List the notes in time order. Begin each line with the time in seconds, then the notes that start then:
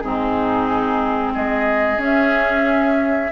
0.00 G#2 C4 D#4 G#4
1.34 G#3 G#4 D#5
1.98 C#4 E5